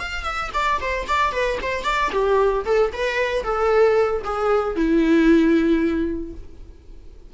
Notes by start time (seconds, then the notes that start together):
0.00 F5
0.24 E5
0.54 D5
0.81 C5
1.08 D5
1.33 B4
1.62 C5
1.84 D5
2.13 G4
2.66 A4
2.93 B4
3.44 A4
4.24 G#4
4.76 E4